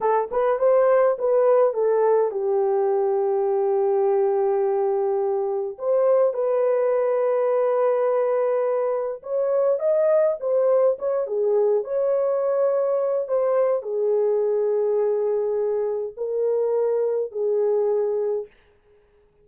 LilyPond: \new Staff \with { instrumentName = "horn" } { \time 4/4 \tempo 4 = 104 a'8 b'8 c''4 b'4 a'4 | g'1~ | g'2 c''4 b'4~ | b'1 |
cis''4 dis''4 c''4 cis''8 gis'8~ | gis'8 cis''2~ cis''8 c''4 | gis'1 | ais'2 gis'2 | }